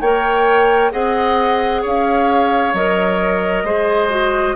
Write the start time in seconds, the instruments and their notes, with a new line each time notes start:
0.00 bassoon A#3, clarinet A#4, oboe C#5, flute G5
0.91 bassoon C4, clarinet G#4, oboe D#5, flute F#5
1.82 bassoon C#4, oboe C#5, flute F5
2.73 bassoon F#3, clarinet A#4, flute D#5
3.63 bassoon G#3, clarinet G#4, oboe C5
4.09 clarinet F#4